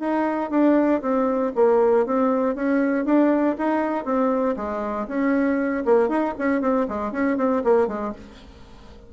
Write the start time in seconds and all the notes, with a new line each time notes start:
0.00 D#4
0.51 D4
1.02 C4
1.55 A#3
2.06 C4
2.55 C#4
3.06 D4
3.58 D#4
4.05 C4
4.57 G#3
5.08 C#4
5.85 A#3
6.09 D#4
6.39 C#4
6.62 C4
6.89 G#3
7.12 C#4
7.38 C4
7.64 A#3
7.88 G#3